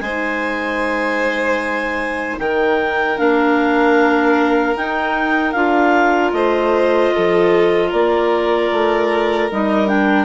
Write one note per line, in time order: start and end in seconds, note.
0.00 2.37 G#3
0.00 3.17 D#4
0.00 2.39 C5
0.00 2.37 G#5
2.38 3.17 D#3
2.38 6.35 A#4
2.38 3.18 G5
3.17 4.75 A#3
3.17 4.75 D4
3.17 4.76 F5
4.75 5.54 D#4
4.75 5.52 G5
5.52 6.32 D4
5.52 9.49 F4
5.52 6.31 F5
6.32 7.11 A3
6.32 7.14 C5
6.32 7.90 D#5
7.14 7.92 F3
7.14 7.89 A4
7.89 8.71 A#3
7.89 10.25 A#4
7.89 9.50 D5
8.71 9.50 A3
9.51 10.25 G3
9.51 9.87 D#4
9.51 9.88 D#5
9.87 10.25 D4
9.87 10.25 G5